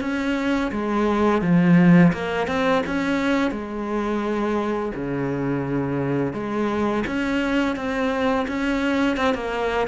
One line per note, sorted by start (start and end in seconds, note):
0.00 0.71 C#4
0.71 1.41 G#3
1.41 2.12 F3
2.12 2.47 A#3
2.47 2.82 C4
2.86 3.51 C#4
3.51 4.92 G#3
4.95 6.33 C#3
6.33 7.04 G#3
7.06 7.76 C#4
7.76 8.46 C4
8.48 9.16 C#4
9.16 9.34 C4
9.34 9.87 A#3